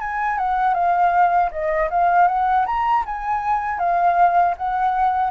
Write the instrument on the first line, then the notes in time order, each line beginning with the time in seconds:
flute
0.00 G#5
0.38 F#5
0.74 F5
1.51 D#5
1.91 F5
2.28 F#5
2.66 A#5
3.06 G#5
3.79 F5
4.57 F#5